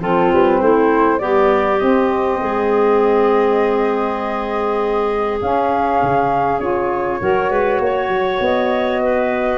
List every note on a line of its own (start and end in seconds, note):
0.00 0.30 F3
0.00 1.19 C4
0.00 0.60 F4
0.00 0.32 A4
0.32 0.61 G3
0.32 0.61 B4
0.61 1.20 A3
0.61 1.19 E4
0.61 1.19 C5
1.19 1.80 G3
1.19 1.79 B3
1.19 2.39 G4
1.19 1.79 D5
1.79 5.40 C4
1.79 2.41 C4
1.79 5.39 D#5
2.41 5.41 G#3
2.41 7.21 G#4
5.42 6.02 C#4
5.42 6.61 C#4
5.42 6.60 F5
6.02 6.59 C#3
6.59 7.19 C#4
6.59 7.20 F4
6.59 8.40 C#5
7.20 7.50 F#3
7.20 9.58 F#4
7.20 7.50 A#4
7.50 7.80 G#3
7.50 7.80 B4
7.80 8.08 A#3
7.80 9.02 C#5
8.08 8.38 F#3
8.40 9.58 B3
8.40 9.58 D#5
9.02 9.58 B4